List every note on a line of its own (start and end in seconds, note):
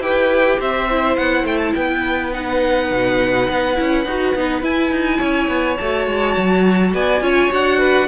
0.00 0.58 E4
0.00 0.88 G4
0.00 0.59 B4
0.00 0.59 G5
0.59 1.17 C4
0.59 1.75 C5
0.59 1.16 E5
0.89 2.32 E4
1.16 1.44 B3
1.16 1.45 F#5
1.44 1.72 A3
1.44 1.58 G5
1.58 1.72 A5
1.75 2.91 B3
1.75 5.18 B4
1.75 2.33 G5
2.32 3.75 D#4
2.32 4.64 F#5
2.91 3.48 B2
3.49 3.78 B3
3.75 4.05 C#4
3.75 4.04 E4
4.05 4.34 D#4
4.05 4.36 F#4
4.35 4.62 B3
4.35 4.61 D#4
4.61 5.76 E4
4.61 4.91 E4
4.61 5.77 G#5
4.91 5.19 D#4
5.18 5.48 C#4
5.18 6.91 C#5
5.48 5.77 B3
5.77 6.07 A3
5.77 7.21 F#4
5.77 6.92 A5
6.07 6.35 G#3
6.37 6.94 F#3
6.94 7.20 B3
6.94 7.23 D5
6.94 7.52 G#5
7.20 7.49 C#4
7.20 7.50 F4
7.20 7.78 C#5
7.50 8.08 D4
7.50 8.07 F#4
7.50 8.08 F#5
7.78 8.07 B4